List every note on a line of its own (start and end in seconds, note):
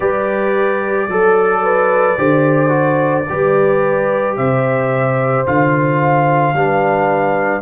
0.00 1.08 G3
0.00 1.09 G4
0.00 1.07 B4
0.00 4.35 D5
1.08 2.17 F#3
1.08 1.63 A4
1.08 2.17 A4
1.63 2.17 B4
2.17 3.27 D3
2.17 2.68 G4
2.17 3.27 C5
2.68 3.23 F#4
3.29 4.37 G3
3.29 5.46 G4
3.29 4.37 B4
4.37 5.46 C3
4.37 6.55 C5
4.37 5.46 E5
5.46 6.53 D3
5.46 6.55 F4
5.46 7.61 F5
6.53 7.61 G3
6.53 7.61 D4
6.53 7.61 B4